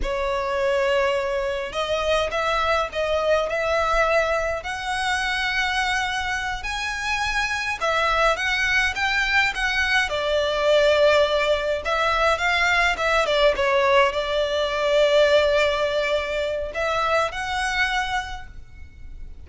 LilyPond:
\new Staff \with { instrumentName = "violin" } { \time 4/4 \tempo 4 = 104 cis''2. dis''4 | e''4 dis''4 e''2 | fis''2.~ fis''8 gis''8~ | gis''4. e''4 fis''4 g''8~ |
g''8 fis''4 d''2~ d''8~ | d''8 e''4 f''4 e''8 d''8 cis''8~ | cis''8 d''2.~ d''8~ | d''4 e''4 fis''2 | }